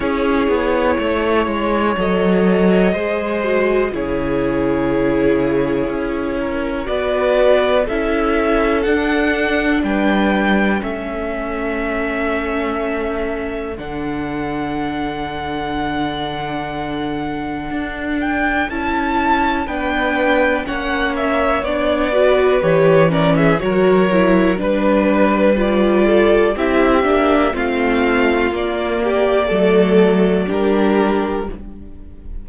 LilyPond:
<<
  \new Staff \with { instrumentName = "violin" } { \time 4/4 \tempo 4 = 61 cis''2 dis''2 | cis''2. d''4 | e''4 fis''4 g''4 e''4~ | e''2 fis''2~ |
fis''2~ fis''8 g''8 a''4 | g''4 fis''8 e''8 d''4 cis''8 d''16 e''16 | cis''4 b'4 d''4 e''4 | f''4 d''2 ais'4 | }
  \new Staff \with { instrumentName = "violin" } { \time 4/4 gis'4 cis''2 c''4 | gis'2~ gis'8 ais'8 b'4 | a'2 b'4 a'4~ | a'1~ |
a'1 | b'4 cis''4. b'4 ais'16 gis'16 | ais'4 b'4. a'8 g'4 | f'4. g'8 a'4 g'4 | }
  \new Staff \with { instrumentName = "viola" } { \time 4/4 e'2 a'4 gis'8 fis'8 | e'2. fis'4 | e'4 d'2 cis'4~ | cis'2 d'2~ |
d'2. e'4 | d'4 cis'4 d'8 fis'8 g'8 cis'8 | fis'8 e'8 d'4 f'4 e'8 d'8 | c'4 ais4 a4 d'4 | }
  \new Staff \with { instrumentName = "cello" } { \time 4/4 cis'8 b8 a8 gis8 fis4 gis4 | cis2 cis'4 b4 | cis'4 d'4 g4 a4~ | a2 d2~ |
d2 d'4 cis'4 | b4 ais4 b4 e4 | fis4 g2 c'8 ais8 | a4 ais4 fis4 g4 | }
>>